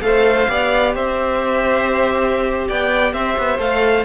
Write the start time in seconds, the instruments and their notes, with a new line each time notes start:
0.00 cello A3, viola A4, violin C5 F5
0.48 cello B3, viola G4, violin D5
0.95 cello C4, violin C5 E5
2.68 cello B3, violin D5 G5
3.13 cello C4, violin C5 E5
3.38 cello B3
3.58 cello A3, viola A4, violin F5